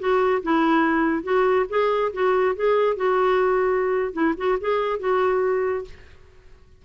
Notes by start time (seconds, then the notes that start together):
0.00 F#4
0.43 E4
1.24 F#4
1.69 G#4
2.14 F#4
2.56 G#4
2.97 F#4
4.13 E4
4.37 F#4
4.61 G#4
5.00 F#4